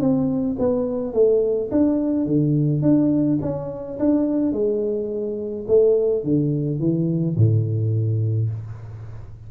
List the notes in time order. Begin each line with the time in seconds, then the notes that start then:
0.00 C4
0.59 B3
1.13 A3
1.71 D4
2.26 D3
2.82 D4
3.42 C#4
3.99 D4
4.53 G#3
5.68 A3
6.24 D3
6.80 E3
7.37 A2